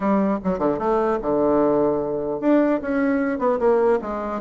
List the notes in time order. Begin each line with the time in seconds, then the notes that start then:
0.00 G3
0.43 F#3
0.58 D3
0.79 A3
1.21 D3
2.40 D4
2.81 C#4
3.38 B3
3.59 A#3
4.01 G#3